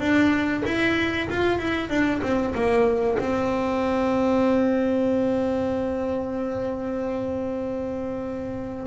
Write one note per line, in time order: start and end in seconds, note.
0.00 0.63 D4
0.65 1.28 E4
1.30 1.59 F4
1.59 1.89 E4
1.89 2.21 D4
2.22 2.54 C4
2.55 3.18 A#3
3.19 8.87 C4